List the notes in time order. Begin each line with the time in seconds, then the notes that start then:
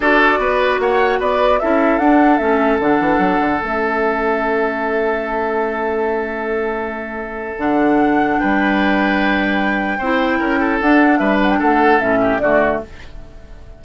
0.00 D4 F#4 A4 D5
0.38 B3 B4
0.79 A#3 C#5 F#5
1.19 B3 B4 D5
1.59 C#4 E4 A4 E5
1.98 D4 F#5
2.37 A3 C#4 E5
2.79 D3 D4 F#5
2.99 E3
3.18 F#3
3.40 D3
3.60 A3 C#4 E5
7.57 D3 D4 F#5
8.39 G3 B4 G5
9.98 C4 E4 C5
10.38 C#4 A#4
10.59 A4
10.80 D4 F#5
11.17 G3 B4 E5
11.42 F#5
11.50 G5
11.59 A3 A4 F#5
12.00 A2 C#4 E5
12.21 G4
12.38 D3 A3 F#4 D5